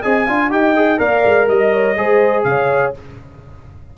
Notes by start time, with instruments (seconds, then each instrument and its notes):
0.00 tuba C4, trombone G#4, horn D#5, trumpet G#5
0.25 tuba D4, trombone F4, horn F5
0.50 tuba D#4, trombone G4, horn D#5, trumpet G5
0.76 trombone G#4
0.97 tuba A#3, trombone A#4, horn D5, trumpet F5
1.24 tuba G#3
1.48 tuba G3, trumpet D#5, horn D#5
1.73 horn C#5
1.96 tuba G#3, trombone G#4, horn C5
2.43 tuba C#3, horn C#5, trumpet F5